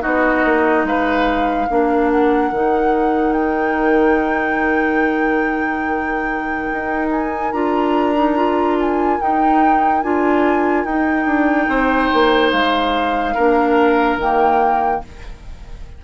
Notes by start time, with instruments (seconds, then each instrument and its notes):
0.00 bassoon B3, clarinet D#4, oboe F#4, flute D#5
0.45 bassoon A#3
0.84 bassoon G#3, oboe B4, flute F5
1.69 bassoon A#3, clarinet D4, oboe A#4
2.11 flute F#5
2.52 bassoon D#3, clarinet D#4
3.33 flute G5
6.73 bassoon D#4
7.11 flute G#5
7.52 bassoon D4, clarinet F4, flute A#5
8.15 clarinet D#4
8.36 clarinet F4
8.80 flute G#5
9.20 clarinet D#4, bassoon D#4, flute G5
10.03 bassoon D4, clarinet F4, flute G#5
10.85 bassoon D#4, clarinet D#4, flute G5
11.26 bassoon D4
11.67 bassoon C4, oboe C5
12.13 bassoon A#3
12.51 bassoon G#3, flute F5
13.34 bassoon A#3, clarinet D4, oboe A#4
14.17 bassoon D#3, clarinet A#3, flute G5